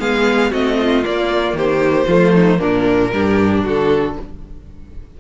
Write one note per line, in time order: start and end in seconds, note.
0.00 0.52 G#3
0.00 0.52 B3
0.00 0.51 G#4
0.00 0.53 F5
0.51 1.05 A3
0.51 1.03 C4
0.51 0.77 F#4
0.51 1.05 D#5
0.80 1.58 F4
1.03 2.08 A#3
1.03 1.53 A#3
1.03 1.58 D5
1.53 2.06 D#3
1.53 2.07 G4
1.53 2.61 C5
2.07 2.60 F3
2.07 2.58 A3
2.07 2.33 F4
2.34 2.60 D#4
2.58 3.13 A#2
2.58 3.10 A#3
2.58 3.12 D4
2.58 3.65 A#4
3.13 3.65 G2
3.13 4.18 D4
3.13 3.64 G4
3.64 4.17 D3
3.64 4.16 F#4
3.64 4.21 A4